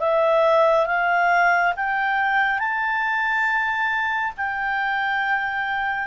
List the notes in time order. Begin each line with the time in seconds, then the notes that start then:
0.00 E5
0.87 F5
1.76 G5
2.59 A5
4.37 G5